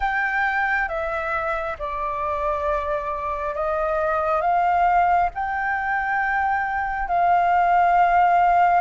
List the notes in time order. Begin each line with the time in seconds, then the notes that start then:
0.00 G5
0.88 E5
1.78 D5
3.55 D#5
4.41 F5
5.34 G5
7.08 F5